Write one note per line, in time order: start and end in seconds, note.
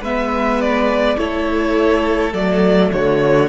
0.00 1.15 G#3
0.00 1.18 B3
0.00 1.17 B4
0.00 0.61 E5
0.61 1.18 D5
1.18 2.33 A3
1.18 2.33 E4
1.18 2.91 A4
1.18 2.33 C#5
2.33 2.90 F#3
2.33 3.49 A3
2.33 2.91 D5
2.91 3.49 D3
2.91 3.49 F#4
2.91 3.49 C#5